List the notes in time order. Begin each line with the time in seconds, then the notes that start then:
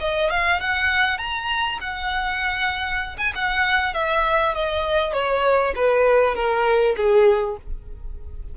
0.00 D#5
0.30 F5
0.61 F#5
1.18 A#5
1.81 F#5
3.18 G#5
3.35 F#5
3.94 E5
4.55 D#5
5.13 C#5
5.75 B4
6.35 A#4
6.97 G#4